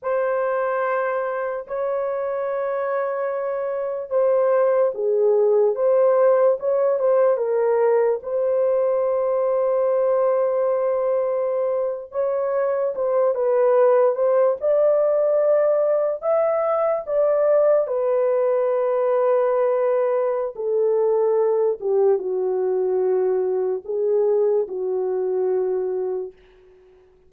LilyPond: \new Staff \with { instrumentName = "horn" } { \time 4/4 \tempo 4 = 73 c''2 cis''2~ | cis''4 c''4 gis'4 c''4 | cis''8 c''8 ais'4 c''2~ | c''2~ c''8. cis''4 c''16~ |
c''16 b'4 c''8 d''2 e''16~ | e''8. d''4 b'2~ b'16~ | b'4 a'4. g'8 fis'4~ | fis'4 gis'4 fis'2 | }